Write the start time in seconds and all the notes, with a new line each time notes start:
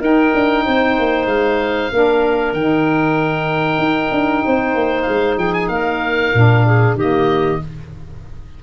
0.00 D#4 A#4 G5
0.34 D4
0.65 C4 C5
0.99 A#3
1.26 G#3 F5
1.92 A#3 D4 A#4
2.52 D#3 D#4 G5
3.78 D#4
4.11 D4
4.44 C4 C5
4.75 A#3
5.02 G#3 F5
5.37 F3 G#4 G5
5.53 G#5
5.68 A#3 A#4 F5
6.34 A#2 D4
6.66 G#4
6.95 D#3 A#3 G4 D#5